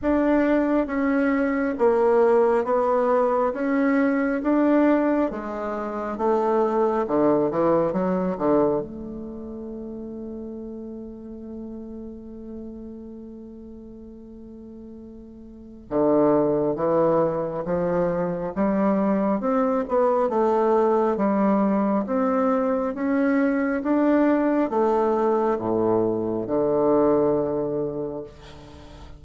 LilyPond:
\new Staff \with { instrumentName = "bassoon" } { \time 4/4 \tempo 4 = 68 d'4 cis'4 ais4 b4 | cis'4 d'4 gis4 a4 | d8 e8 fis8 d8 a2~ | a1~ |
a2 d4 e4 | f4 g4 c'8 b8 a4 | g4 c'4 cis'4 d'4 | a4 a,4 d2 | }